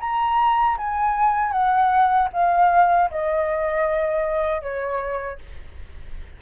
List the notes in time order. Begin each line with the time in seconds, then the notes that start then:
0.00 A#5
0.77 G#5
1.52 F#5
2.33 F5
3.10 D#5
4.62 C#5